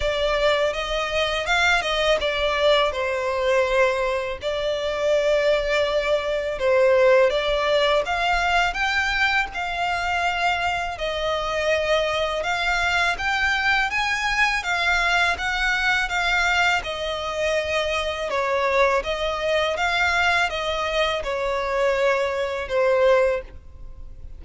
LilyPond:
\new Staff \with { instrumentName = "violin" } { \time 4/4 \tempo 4 = 82 d''4 dis''4 f''8 dis''8 d''4 | c''2 d''2~ | d''4 c''4 d''4 f''4 | g''4 f''2 dis''4~ |
dis''4 f''4 g''4 gis''4 | f''4 fis''4 f''4 dis''4~ | dis''4 cis''4 dis''4 f''4 | dis''4 cis''2 c''4 | }